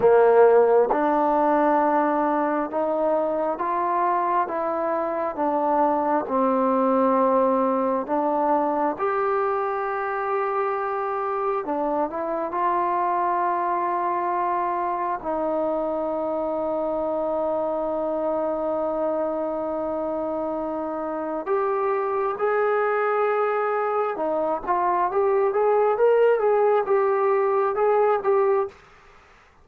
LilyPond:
\new Staff \with { instrumentName = "trombone" } { \time 4/4 \tempo 4 = 67 ais4 d'2 dis'4 | f'4 e'4 d'4 c'4~ | c'4 d'4 g'2~ | g'4 d'8 e'8 f'2~ |
f'4 dis'2.~ | dis'1 | g'4 gis'2 dis'8 f'8 | g'8 gis'8 ais'8 gis'8 g'4 gis'8 g'8 | }